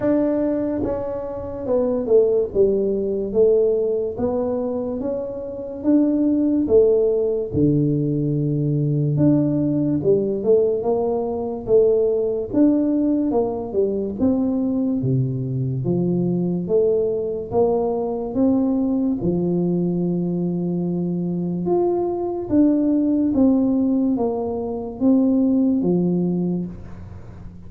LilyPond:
\new Staff \with { instrumentName = "tuba" } { \time 4/4 \tempo 4 = 72 d'4 cis'4 b8 a8 g4 | a4 b4 cis'4 d'4 | a4 d2 d'4 | g8 a8 ais4 a4 d'4 |
ais8 g8 c'4 c4 f4 | a4 ais4 c'4 f4~ | f2 f'4 d'4 | c'4 ais4 c'4 f4 | }